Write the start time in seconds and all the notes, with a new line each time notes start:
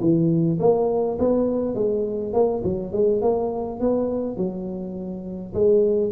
0.00 E3
0.59 A#3
1.18 B3
1.74 G#3
2.33 A#3
2.64 F#3
2.92 G#3
3.21 A#3
3.80 B3
4.37 F#3
5.54 G#3